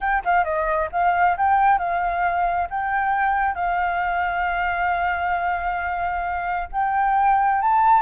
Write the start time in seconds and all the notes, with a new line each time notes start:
0.00 G5
0.24 F5
0.44 D#5
0.92 F5
1.37 G5
1.78 F5
2.69 G5
3.55 F5
6.72 G5
7.61 A5